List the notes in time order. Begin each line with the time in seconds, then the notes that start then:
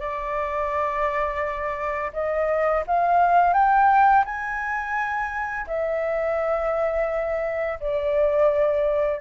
0.00 D5
2.14 D#5
2.87 F5
3.54 G5
4.25 G#5
5.68 E5
7.81 D5